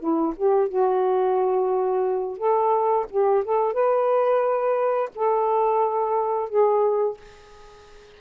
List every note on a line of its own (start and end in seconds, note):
0.00 0.34 E4
0.37 0.69 G4
0.69 2.38 F#4
2.38 3.06 A4
3.10 3.44 G4
3.45 3.74 A4
3.74 5.10 B4
5.16 6.50 A4
6.50 7.18 G#4